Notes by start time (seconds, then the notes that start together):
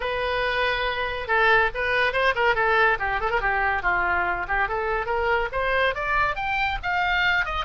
0.00 B4
1.27 A4
1.74 B4
2.13 C5
2.35 A#4
2.55 A4
2.99 G4
3.20 A4
3.30 A#4
3.40 G4
3.82 F4
4.47 G4
4.68 A4
5.06 A#4
5.52 C5
5.94 D5
6.35 G5
6.83 F5
7.45 D#5